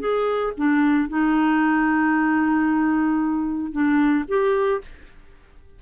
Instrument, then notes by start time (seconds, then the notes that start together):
clarinet
0.00 G#4
0.58 D4
1.09 D#4
3.72 D4
4.28 G4